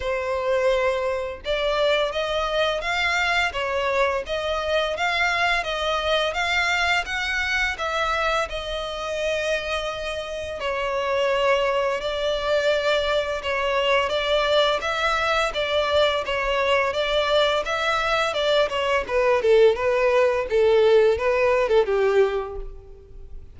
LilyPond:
\new Staff \with { instrumentName = "violin" } { \time 4/4 \tempo 4 = 85 c''2 d''4 dis''4 | f''4 cis''4 dis''4 f''4 | dis''4 f''4 fis''4 e''4 | dis''2. cis''4~ |
cis''4 d''2 cis''4 | d''4 e''4 d''4 cis''4 | d''4 e''4 d''8 cis''8 b'8 a'8 | b'4 a'4 b'8. a'16 g'4 | }